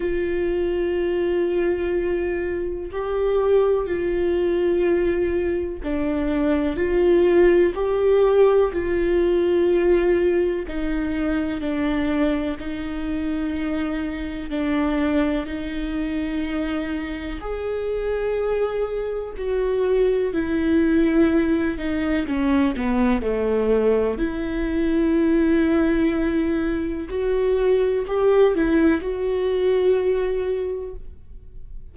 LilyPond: \new Staff \with { instrumentName = "viola" } { \time 4/4 \tempo 4 = 62 f'2. g'4 | f'2 d'4 f'4 | g'4 f'2 dis'4 | d'4 dis'2 d'4 |
dis'2 gis'2 | fis'4 e'4. dis'8 cis'8 b8 | a4 e'2. | fis'4 g'8 e'8 fis'2 | }